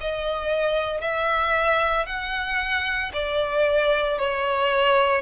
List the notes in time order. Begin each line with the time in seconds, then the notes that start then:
0.00 D#5
1.00 E5
2.06 F#5
3.13 D5
4.18 C#5